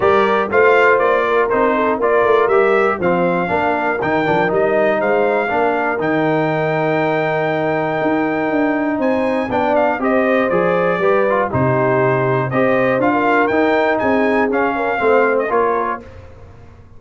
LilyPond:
<<
  \new Staff \with { instrumentName = "trumpet" } { \time 4/4 \tempo 4 = 120 d''4 f''4 d''4 c''4 | d''4 e''4 f''2 | g''4 dis''4 f''2 | g''1~ |
g''2 gis''4 g''8 f''8 | dis''4 d''2 c''4~ | c''4 dis''4 f''4 g''4 | gis''4 f''4.~ f''16 dis''16 cis''4 | }
  \new Staff \with { instrumentName = "horn" } { \time 4/4 ais'4 c''4. ais'4 a'8 | ais'2 c''4 ais'4~ | ais'2 c''4 ais'4~ | ais'1~ |
ais'2 c''4 d''4 | c''2 b'4 g'4~ | g'4 c''4~ c''16 ais'4.~ ais'16 | gis'4. ais'8 c''4 ais'4 | }
  \new Staff \with { instrumentName = "trombone" } { \time 4/4 g'4 f'2 dis'4 | f'4 g'4 c'4 d'4 | dis'8 d'8 dis'2 d'4 | dis'1~ |
dis'2. d'4 | g'4 gis'4 g'8 f'8 dis'4~ | dis'4 g'4 f'4 dis'4~ | dis'4 cis'4 c'4 f'4 | }
  \new Staff \with { instrumentName = "tuba" } { \time 4/4 g4 a4 ais4 c'4 | ais8 a8 g4 f4 ais4 | dis8 f8 g4 gis4 ais4 | dis1 |
dis'4 d'4 c'4 b4 | c'4 f4 g4 c4~ | c4 c'4 d'4 dis'4 | c'4 cis'4 a4 ais4 | }
>>